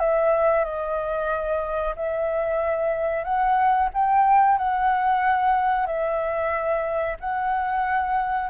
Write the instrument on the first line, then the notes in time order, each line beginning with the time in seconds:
flute
0.00 E5
0.65 D#5
1.96 E5
3.24 F#5
3.94 G5
4.58 F#5
5.87 E5
7.20 F#5